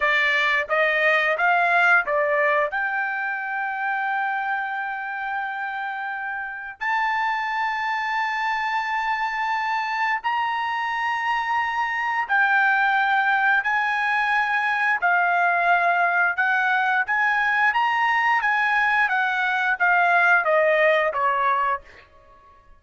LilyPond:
\new Staff \with { instrumentName = "trumpet" } { \time 4/4 \tempo 4 = 88 d''4 dis''4 f''4 d''4 | g''1~ | g''2 a''2~ | a''2. ais''4~ |
ais''2 g''2 | gis''2 f''2 | fis''4 gis''4 ais''4 gis''4 | fis''4 f''4 dis''4 cis''4 | }